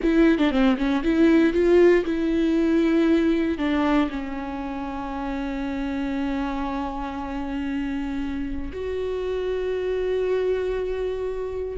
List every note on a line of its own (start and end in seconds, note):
0.02 0.38 E4
0.38 0.50 D4
0.50 0.76 C4
0.77 1.03 C#4
1.03 1.53 E4
1.53 2.04 F4
2.04 3.58 E4
3.58 4.09 D4
4.10 8.71 C#4
8.72 11.77 F#4